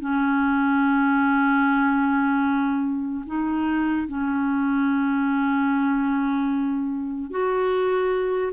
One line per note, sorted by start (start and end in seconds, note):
0.00 3.24 C#4
3.26 4.07 D#4
4.07 7.30 C#4
7.30 8.52 F#4